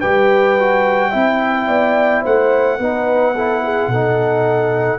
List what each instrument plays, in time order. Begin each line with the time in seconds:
0.00 tuba G3, trombone G4, horn B4, trumpet G5
0.59 trombone F#4
1.10 tuba C4, trombone E4, horn E5
1.67 tuba B3, horn D5
2.22 tuba A3, horn C5, trumpet F#5
2.79 tuba B3, trombone D#4, horn B4
3.35 trombone E4, horn A4
3.64 horn G#4
3.88 tuba B2, trombone D#4, horn A4